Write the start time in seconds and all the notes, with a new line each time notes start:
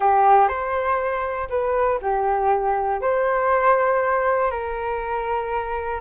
0.00 G4
0.48 C5
1.49 B4
2.01 G4
3.01 C5
4.50 A#4